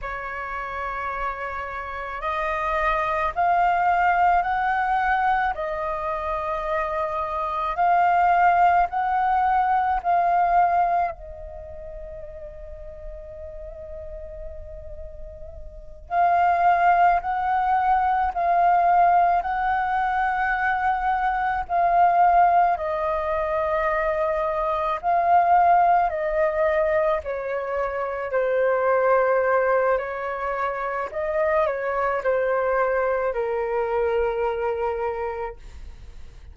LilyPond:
\new Staff \with { instrumentName = "flute" } { \time 4/4 \tempo 4 = 54 cis''2 dis''4 f''4 | fis''4 dis''2 f''4 | fis''4 f''4 dis''2~ | dis''2~ dis''8 f''4 fis''8~ |
fis''8 f''4 fis''2 f''8~ | f''8 dis''2 f''4 dis''8~ | dis''8 cis''4 c''4. cis''4 | dis''8 cis''8 c''4 ais'2 | }